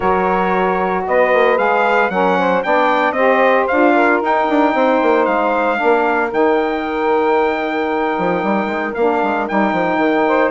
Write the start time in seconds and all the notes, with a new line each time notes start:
0.00 F#3 F#4 A#4 C#5
1.07 B3 B4 D#5
1.33 A#3
1.56 G#3 G#4 F5
2.09 F#3 C#4 A#4 F#5
2.38 C5
2.63 B3 D4 D5 G5
3.12 C4 G4 C5 D#5
3.67 D4 F4 F5
3.94 A#4
4.21 D#4 G5
4.49 D4
4.74 C4 C5
5.02 A#3
5.25 G#3 F5
5.76 D4 A#4
5.83 A#3
6.31 D#3 D#4 G5
8.18 F3
8.43 G3
8.65 G#3
8.94 A#3 D4 F5
9.22 G#3
9.47 G3 D#4 G5
9.72 F3
9.97 D#3
10.27 C5